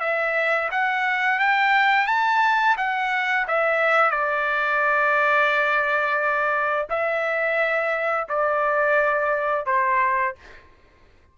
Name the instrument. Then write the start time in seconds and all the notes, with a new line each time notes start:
trumpet
0.00 E5
0.71 F#5
1.39 G5
2.07 A5
2.77 F#5
3.47 E5
4.11 D5
6.90 E5
8.29 D5
9.66 C5